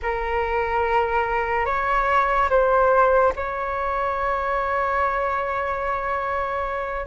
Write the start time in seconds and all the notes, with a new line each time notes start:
0.02 A#4
1.65 C#5
2.49 C5
3.36 C#5